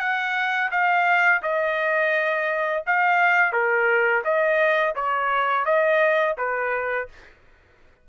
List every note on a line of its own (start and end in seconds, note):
0.00 0.71 F#5
0.71 1.42 F5
1.43 2.84 D#5
2.87 3.53 F5
3.53 4.23 A#4
4.24 4.95 D#5
4.95 5.66 C#5
5.66 6.36 D#5
6.38 7.08 B4